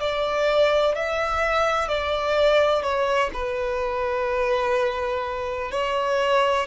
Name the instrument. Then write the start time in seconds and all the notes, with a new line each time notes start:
violin
0.00 D5
0.95 E5
1.89 D5
2.83 C#5
3.34 B4
5.71 C#5